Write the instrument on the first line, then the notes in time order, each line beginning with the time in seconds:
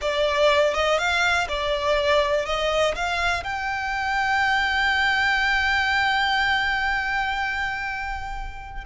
violin
0.01 D5
0.74 D#5
0.98 F5
1.48 D5
2.45 D#5
2.95 F5
3.43 G5